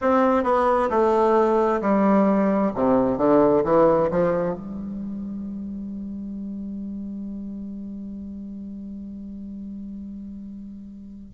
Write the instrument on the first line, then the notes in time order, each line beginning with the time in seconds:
bassoon
0.01 C4
0.43 B3
0.90 A3
1.81 G3
2.74 C3
3.17 D3
3.64 E3
4.10 F3
4.54 G3